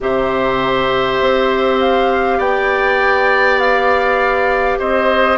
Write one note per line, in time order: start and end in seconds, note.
0.01 1.20 C3
0.01 5.38 G4
0.01 2.38 C5
0.01 1.80 E5
1.20 2.38 C4
1.80 2.39 F5
2.38 4.78 B3
2.38 4.78 D5
2.38 3.59 G5
3.59 4.79 F5
4.78 5.38 C4
4.78 5.38 C5
4.78 5.38 D#5